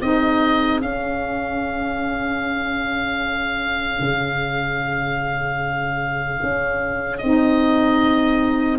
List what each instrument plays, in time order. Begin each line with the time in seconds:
0.00 tuba C4, saxophone D#4, viola G#4, oboe D#5
0.81 tuba C#4, saxophone C#4, oboe F5
4.00 tuba C#3
6.43 tuba C#4
7.18 tuba C4, saxophone D#4, oboe D#5